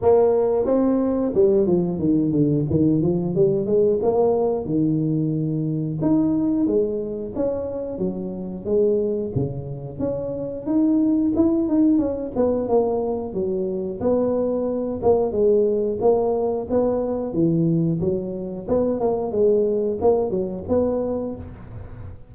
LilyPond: \new Staff \with { instrumentName = "tuba" } { \time 4/4 \tempo 4 = 90 ais4 c'4 g8 f8 dis8 d8 | dis8 f8 g8 gis8 ais4 dis4~ | dis4 dis'4 gis4 cis'4 | fis4 gis4 cis4 cis'4 |
dis'4 e'8 dis'8 cis'8 b8 ais4 | fis4 b4. ais8 gis4 | ais4 b4 e4 fis4 | b8 ais8 gis4 ais8 fis8 b4 | }